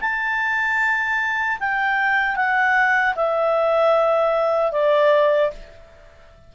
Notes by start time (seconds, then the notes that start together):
0.00 A5
1.59 G5
2.35 F#5
3.15 E5
4.72 D5